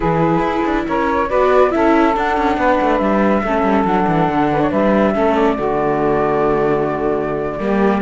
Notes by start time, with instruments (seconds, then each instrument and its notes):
0.00 cello E3, viola E4, saxophone G#4, flute B4
0.38 cello E4
0.65 cello D4
0.87 cello C#4, saxophone A#4, flute C#5
1.28 cello B3, viola F#4, saxophone B4, flute D5
1.71 cello C#4, viola E4, saxophone A4, flute E5
2.15 viola D4, cello D4, flute F#5
2.37 cello C#4
2.57 cello B3, saxophone B4
2.81 cello A3
2.97 cello G3, flute E5
3.43 cello A3, viola C#4, saxophone A4
3.62 cello G3
3.84 cello F#3, viola D4, flute F#5
4.07 cello E3
4.28 cello D3
4.52 saxophone B4
4.61 saxophone C#5
4.70 cello G3, saxophone B4, flute E5
5.13 cello A3, viola C#4, saxophone A4
5.35 flute D5
5.55 cello D3, viola A3, saxophone F#4
7.59 cello G3, viola A#3, saxophone G4